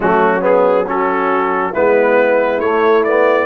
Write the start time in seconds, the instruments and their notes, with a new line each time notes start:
0.00 tuba F#3, trombone A3, horn C#4, trumpet F#4
0.40 trombone B3, trumpet G#4
0.86 trombone C#4, horn F#4, trumpet A4
1.72 tuba G#3, trombone B3, horn E4, trumpet B4
2.59 tuba A3, trombone A3, trumpet C#5
3.04 trombone B3, trumpet D5